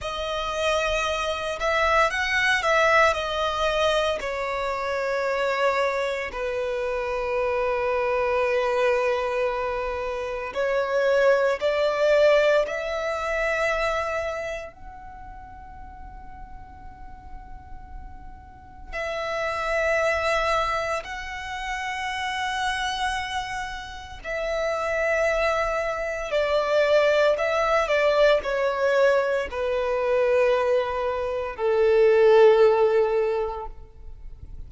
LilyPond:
\new Staff \with { instrumentName = "violin" } { \time 4/4 \tempo 4 = 57 dis''4. e''8 fis''8 e''8 dis''4 | cis''2 b'2~ | b'2 cis''4 d''4 | e''2 fis''2~ |
fis''2 e''2 | fis''2. e''4~ | e''4 d''4 e''8 d''8 cis''4 | b'2 a'2 | }